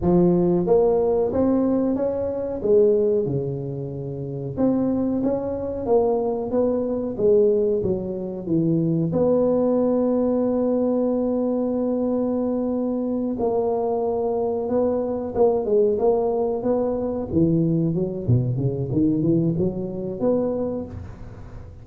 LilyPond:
\new Staff \with { instrumentName = "tuba" } { \time 4/4 \tempo 4 = 92 f4 ais4 c'4 cis'4 | gis4 cis2 c'4 | cis'4 ais4 b4 gis4 | fis4 e4 b2~ |
b1~ | b8 ais2 b4 ais8 | gis8 ais4 b4 e4 fis8 | b,8 cis8 dis8 e8 fis4 b4 | }